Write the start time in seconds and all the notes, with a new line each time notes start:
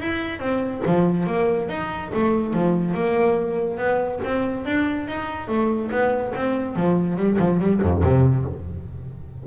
0.00 E4
0.40 C4
0.86 F3
1.27 A#3
1.69 D#4
2.14 A3
2.53 F3
2.94 A#3
3.77 B3
4.24 C4
4.66 D4
5.08 D#4
5.48 A3
5.91 B3
6.35 C4
6.76 F3
7.17 G3
7.39 F3
7.60 G3
7.81 F2
8.03 C3